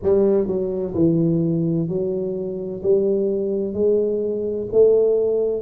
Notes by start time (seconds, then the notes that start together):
0.03 G3
0.47 F#3
0.94 E3
1.88 F#3
2.83 G3
3.73 G#3
4.71 A3